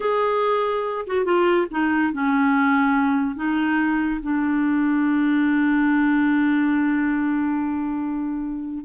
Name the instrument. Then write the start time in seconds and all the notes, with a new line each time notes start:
clarinet
0.00 G#4
1.06 F#4
1.24 F4
1.70 D#4
2.12 C#4
3.35 D#4
4.22 D4